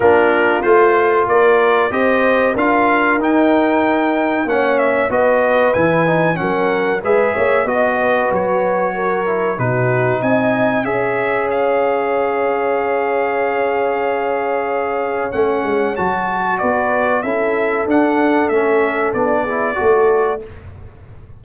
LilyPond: <<
  \new Staff \with { instrumentName = "trumpet" } { \time 4/4 \tempo 4 = 94 ais'4 c''4 d''4 dis''4 | f''4 g''2 fis''8 e''8 | dis''4 gis''4 fis''4 e''4 | dis''4 cis''2 b'4 |
gis''4 e''4 f''2~ | f''1 | fis''4 a''4 d''4 e''4 | fis''4 e''4 d''2 | }
  \new Staff \with { instrumentName = "horn" } { \time 4/4 f'2 ais'4 c''4 | ais'2. cis''4 | b'2 ais'4 b'8 cis''8 | dis''8 b'4. ais'4 fis'4 |
dis''4 cis''2.~ | cis''1~ | cis''2 b'4 a'4~ | a'2~ a'8 gis'8 a'4 | }
  \new Staff \with { instrumentName = "trombone" } { \time 4/4 d'4 f'2 g'4 | f'4 dis'2 cis'4 | fis'4 e'8 dis'8 cis'4 gis'4 | fis'2~ fis'8 e'8 dis'4~ |
dis'4 gis'2.~ | gis'1 | cis'4 fis'2 e'4 | d'4 cis'4 d'8 e'8 fis'4 | }
  \new Staff \with { instrumentName = "tuba" } { \time 4/4 ais4 a4 ais4 c'4 | d'4 dis'2 ais4 | b4 e4 fis4 gis8 ais8 | b4 fis2 b,4 |
c'4 cis'2.~ | cis'1 | a8 gis8 fis4 b4 cis'4 | d'4 a4 b4 a4 | }
>>